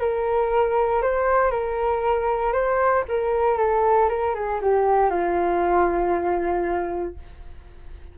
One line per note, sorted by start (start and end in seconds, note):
0.00 1.03 A#4
1.03 1.52 C5
1.52 2.53 A#4
2.53 3.04 C5
3.09 3.58 A#4
3.58 4.09 A4
4.09 4.35 A#4
4.35 4.60 G#4
4.62 5.10 G4
5.10 7.16 F4